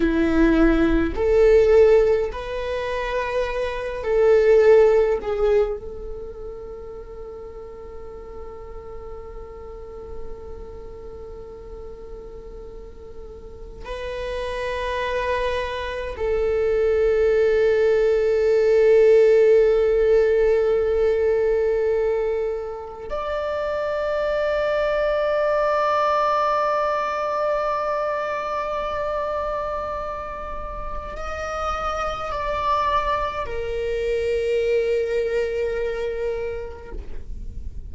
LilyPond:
\new Staff \with { instrumentName = "viola" } { \time 4/4 \tempo 4 = 52 e'4 a'4 b'4. a'8~ | a'8 gis'8 a'2.~ | a'1 | b'2 a'2~ |
a'1 | d''1~ | d''2. dis''4 | d''4 ais'2. | }